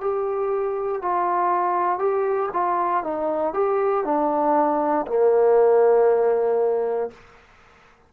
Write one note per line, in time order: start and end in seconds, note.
0.00 1.02 G4
1.02 1.99 F4
1.99 2.50 G4
2.53 3.03 F4
3.03 3.53 D#4
3.53 4.04 G4
4.04 5.06 D4
5.07 7.10 A#3